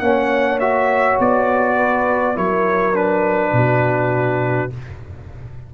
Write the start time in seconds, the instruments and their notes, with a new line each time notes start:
0.00 tuba A#3, trombone C#4, horn C#5, trumpet F#5
0.60 trombone F#4, trumpet E5
1.20 tuba B3, trumpet D5
1.76 horn B4
2.35 tuba F#3, trombone E4, horn A#4, trumpet C#5
2.94 trombone D4, trumpet B4
3.53 tuba B2, horn F#4